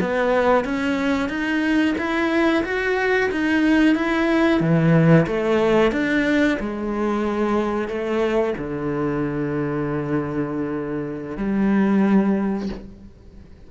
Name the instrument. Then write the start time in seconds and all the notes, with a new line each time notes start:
cello
0.00 B3
0.64 C#4
1.29 D#4
1.98 E4
2.64 F#4
3.31 D#4
3.95 E4
4.60 E3
5.26 A3
5.91 D4
6.59 G#3
7.88 A3
8.57 D3
11.37 G3